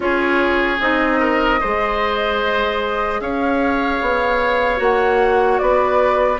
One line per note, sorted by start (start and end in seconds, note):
0.00 0.79 C#4
0.00 0.77 F4
0.00 1.19 G#4
0.00 0.80 C#5
0.80 1.60 C4
0.80 1.59 D#4
0.80 3.20 D#5
1.19 1.59 A#4
1.59 3.20 G#3
1.59 4.77 G#4
1.59 3.20 C5
3.20 4.00 C#4
3.20 5.62 C#5
3.20 4.81 F5
4.01 4.79 B3
4.77 5.59 A#3
4.77 6.37 F#4
4.77 5.58 F#5
5.58 6.39 B3
5.58 6.39 B4
5.58 6.38 D5